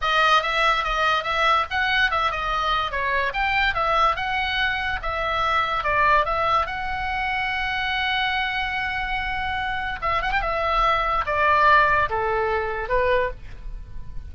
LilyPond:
\new Staff \with { instrumentName = "oboe" } { \time 4/4 \tempo 4 = 144 dis''4 e''4 dis''4 e''4 | fis''4 e''8 dis''4. cis''4 | g''4 e''4 fis''2 | e''2 d''4 e''4 |
fis''1~ | fis''1 | e''8 fis''16 g''16 e''2 d''4~ | d''4 a'2 b'4 | }